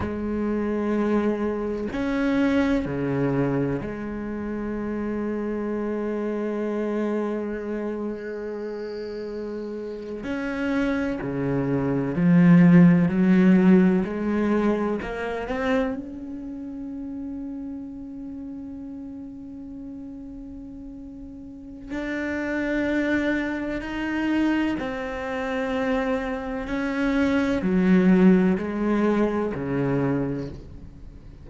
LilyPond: \new Staff \with { instrumentName = "cello" } { \time 4/4 \tempo 4 = 63 gis2 cis'4 cis4 | gis1~ | gis2~ gis8. cis'4 cis16~ | cis8. f4 fis4 gis4 ais16~ |
ais16 c'8 cis'2.~ cis'16~ | cis'2. d'4~ | d'4 dis'4 c'2 | cis'4 fis4 gis4 cis4 | }